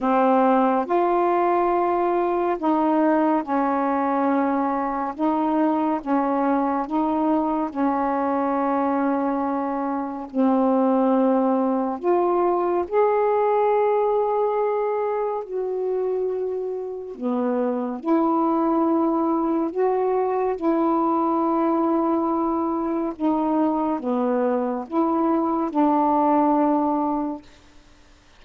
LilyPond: \new Staff \with { instrumentName = "saxophone" } { \time 4/4 \tempo 4 = 70 c'4 f'2 dis'4 | cis'2 dis'4 cis'4 | dis'4 cis'2. | c'2 f'4 gis'4~ |
gis'2 fis'2 | b4 e'2 fis'4 | e'2. dis'4 | b4 e'4 d'2 | }